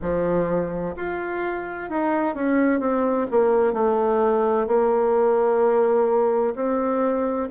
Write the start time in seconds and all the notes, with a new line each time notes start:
0.01 F3
0.95 F4
1.89 D#4
2.34 C#4
2.80 C4
3.31 A#3
3.73 A3
4.67 A#3
6.55 C4